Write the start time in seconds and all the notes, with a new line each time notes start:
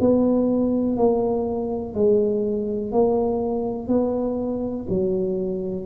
0.00 B3
0.97 A#3
1.94 G#3
2.92 A#3
3.88 B3
4.89 F#3